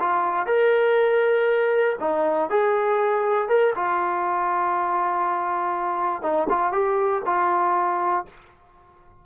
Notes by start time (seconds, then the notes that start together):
0.00 F4
0.46 A#4
2.00 D#4
2.50 G#4
3.49 A#4
3.76 F4
6.22 D#4
6.50 F4
6.72 G4
7.26 F4